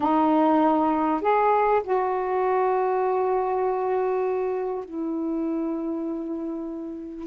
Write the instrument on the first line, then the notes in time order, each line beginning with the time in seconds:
saxophone
0.00 D#4
1.21 G#4
1.83 F#4
4.85 E4